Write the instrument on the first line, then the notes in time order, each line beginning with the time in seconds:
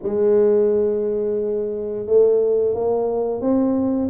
tuba
0.02 G#3
2.06 A3
2.74 A#3
3.41 C4